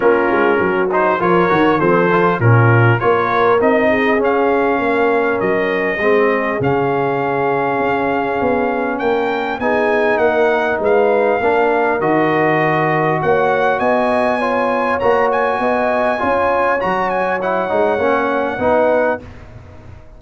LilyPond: <<
  \new Staff \with { instrumentName = "trumpet" } { \time 4/4 \tempo 4 = 100 ais'4. c''8 cis''4 c''4 | ais'4 cis''4 dis''4 f''4~ | f''4 dis''2 f''4~ | f''2. g''4 |
gis''4 fis''4 f''2 | dis''2 fis''4 gis''4~ | gis''4 ais''8 gis''2~ gis''8 | ais''8 gis''8 fis''2. | }
  \new Staff \with { instrumentName = "horn" } { \time 4/4 f'4 fis'4 ais'4 a'4 | f'4 ais'4. gis'4. | ais'2 gis'2~ | gis'2. ais'4 |
gis'4 ais'4 b'4 ais'4~ | ais'2 cis''4 dis''4 | cis''2 dis''4 cis''4~ | cis''2. b'4 | }
  \new Staff \with { instrumentName = "trombone" } { \time 4/4 cis'4. dis'8 f'8 fis'8 c'8 f'8 | cis'4 f'4 dis'4 cis'4~ | cis'2 c'4 cis'4~ | cis'1 |
dis'2. d'4 | fis'1 | f'4 fis'2 f'4 | fis'4 e'8 dis'8 cis'4 dis'4 | }
  \new Staff \with { instrumentName = "tuba" } { \time 4/4 ais8 gis8 fis4 f8 dis8 f4 | ais,4 ais4 c'4 cis'4 | ais4 fis4 gis4 cis4~ | cis4 cis'4 b4 ais4 |
b4 ais4 gis4 ais4 | dis2 ais4 b4~ | b4 ais4 b4 cis'4 | fis4. gis8 ais4 b4 | }
>>